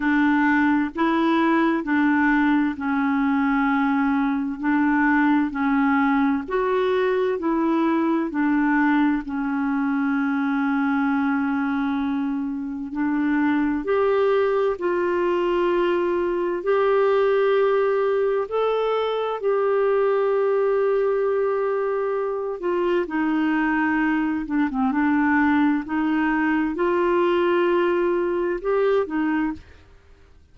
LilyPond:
\new Staff \with { instrumentName = "clarinet" } { \time 4/4 \tempo 4 = 65 d'4 e'4 d'4 cis'4~ | cis'4 d'4 cis'4 fis'4 | e'4 d'4 cis'2~ | cis'2 d'4 g'4 |
f'2 g'2 | a'4 g'2.~ | g'8 f'8 dis'4. d'16 c'16 d'4 | dis'4 f'2 g'8 dis'8 | }